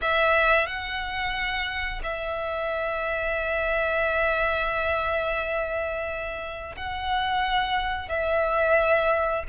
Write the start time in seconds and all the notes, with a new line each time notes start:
0.01 E5
0.66 F#5
2.03 E5
6.76 F#5
8.08 E5